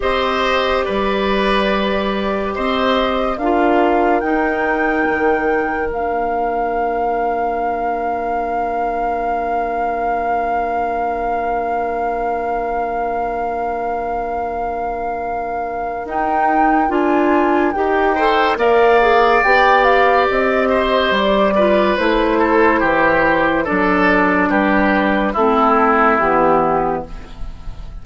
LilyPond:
<<
  \new Staff \with { instrumentName = "flute" } { \time 4/4 \tempo 4 = 71 dis''4 d''2 dis''4 | f''4 g''2 f''4~ | f''1~ | f''1~ |
f''2. g''4 | gis''4 g''4 f''4 g''8 f''8 | dis''4 d''4 c''2 | d''4 b'4 a'4 g'4 | }
  \new Staff \with { instrumentName = "oboe" } { \time 4/4 c''4 b'2 c''4 | ais'1~ | ais'1~ | ais'1~ |
ais'1~ | ais'4. c''8 d''2~ | d''8 c''4 b'4 a'8 g'4 | a'4 g'4 e'2 | }
  \new Staff \with { instrumentName = "clarinet" } { \time 4/4 g'1 | f'4 dis'2 d'4~ | d'1~ | d'1~ |
d'2. dis'4 | f'4 g'8 a'8 ais'8 gis'8 g'4~ | g'4. f'8 e'2 | d'2 c'4 b4 | }
  \new Staff \with { instrumentName = "bassoon" } { \time 4/4 c'4 g2 c'4 | d'4 dis'4 dis4 ais4~ | ais1~ | ais1~ |
ais2. dis'4 | d'4 dis'4 ais4 b4 | c'4 g4 a4 e4 | fis4 g4 a4 e4 | }
>>